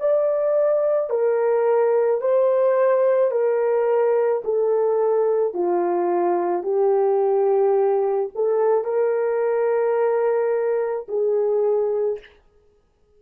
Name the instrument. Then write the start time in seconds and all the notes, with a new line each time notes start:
horn
0.00 D5
1.10 A#4
2.21 C5
3.31 A#4
4.44 A4
5.54 F4
6.63 G4
8.35 A4
8.85 A#4
11.09 G#4